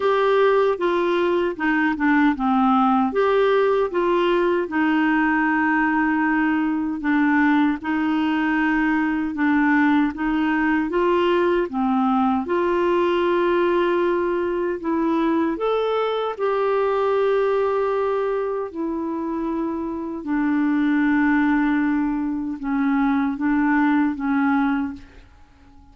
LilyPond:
\new Staff \with { instrumentName = "clarinet" } { \time 4/4 \tempo 4 = 77 g'4 f'4 dis'8 d'8 c'4 | g'4 f'4 dis'2~ | dis'4 d'4 dis'2 | d'4 dis'4 f'4 c'4 |
f'2. e'4 | a'4 g'2. | e'2 d'2~ | d'4 cis'4 d'4 cis'4 | }